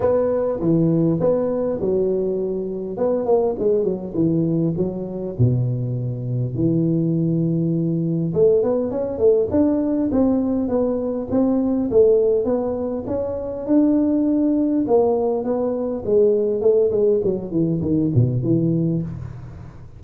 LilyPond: \new Staff \with { instrumentName = "tuba" } { \time 4/4 \tempo 4 = 101 b4 e4 b4 fis4~ | fis4 b8 ais8 gis8 fis8 e4 | fis4 b,2 e4~ | e2 a8 b8 cis'8 a8 |
d'4 c'4 b4 c'4 | a4 b4 cis'4 d'4~ | d'4 ais4 b4 gis4 | a8 gis8 fis8 e8 dis8 b,8 e4 | }